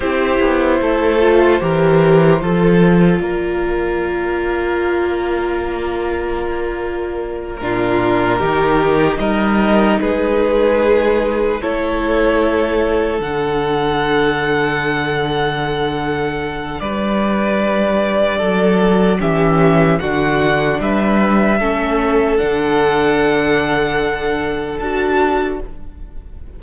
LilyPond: <<
  \new Staff \with { instrumentName = "violin" } { \time 4/4 \tempo 4 = 75 c''1 | d''1~ | d''4. ais'2 dis''8~ | dis''8 b'2 cis''4.~ |
cis''8 fis''2.~ fis''8~ | fis''4 d''2. | e''4 fis''4 e''2 | fis''2. a''4 | }
  \new Staff \with { instrumentName = "violin" } { \time 4/4 g'4 a'4 ais'4 a'4 | ais'1~ | ais'4. f'4 g'4 ais'8~ | ais'8 gis'2 a'4.~ |
a'1~ | a'4 b'2 a'4 | g'4 fis'4 b'4 a'4~ | a'1 | }
  \new Staff \with { instrumentName = "viola" } { \time 4/4 e'4. f'8 g'4 f'4~ | f'1~ | f'4. d'4 dis'4.~ | dis'2~ dis'8 e'4.~ |
e'8 d'2.~ d'8~ | d'1 | cis'4 d'2 cis'4 | d'2. fis'4 | }
  \new Staff \with { instrumentName = "cello" } { \time 4/4 c'8 b8 a4 e4 f4 | ais1~ | ais4. ais,4 dis4 g8~ | g8 gis2 a4.~ |
a8 d2.~ d8~ | d4 g2 fis4 | e4 d4 g4 a4 | d2. d'4 | }
>>